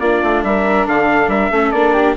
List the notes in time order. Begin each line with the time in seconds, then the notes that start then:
0.00 A#3 D4 F4 D5
0.24 A3
0.44 G3 A#4 E5
0.87 D3 A4 F5
1.28 G3 A#4 E5
1.52 A3 C#4 A4
1.72 A#3 D4 D5
1.94 G4